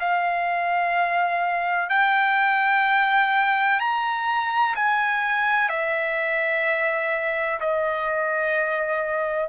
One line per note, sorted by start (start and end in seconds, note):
0.00 1.90 F5
1.90 3.80 G5
3.80 4.75 A#5
4.75 5.69 G#5
5.69 7.60 E5
7.60 9.49 D#5